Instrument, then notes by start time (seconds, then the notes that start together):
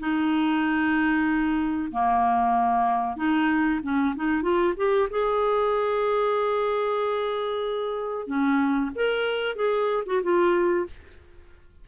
clarinet
0.00 D#4
1.91 A#3
3.17 D#4
3.83 C#4
4.16 D#4
4.42 F4
4.77 G4
5.11 G#4
8.27 C#4
8.95 A#4
9.56 G#4
10.06 F#4
10.23 F4